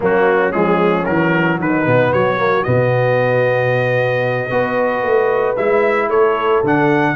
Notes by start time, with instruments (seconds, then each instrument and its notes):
0.00 tuba F#3, trombone A#3, horn C#4, trumpet F#4
0.51 tuba F3, trombone G#3, trumpet G#4
1.05 tuba E3, trombone F#3, trumpet A#4
1.59 tuba D#3, horn D#4, trumpet B4
1.85 tuba B2, trombone B3
2.12 tuba F#3, horn F#4, trumpet C#5
2.37 trombone A#3
2.63 tuba B2, trombone B3, trumpet D#5
4.50 tuba B3, trombone F#4, horn B4
5.03 tuba A3
5.56 tuba G#3, trombone E4, trumpet E5
6.08 tuba A3, horn A4, trumpet C#5
6.63 tuba D3, trombone D4, trumpet F#5